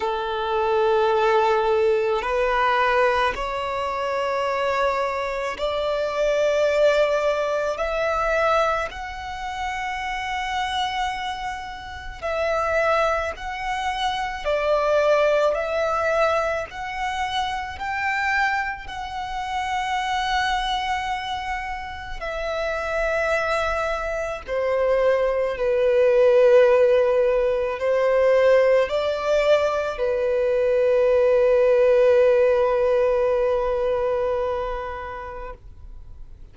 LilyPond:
\new Staff \with { instrumentName = "violin" } { \time 4/4 \tempo 4 = 54 a'2 b'4 cis''4~ | cis''4 d''2 e''4 | fis''2. e''4 | fis''4 d''4 e''4 fis''4 |
g''4 fis''2. | e''2 c''4 b'4~ | b'4 c''4 d''4 b'4~ | b'1 | }